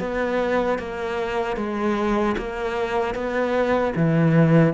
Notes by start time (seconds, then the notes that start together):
0.00 B3
0.79 A#3
1.57 G#3
2.38 A#3
3.15 B3
3.96 E3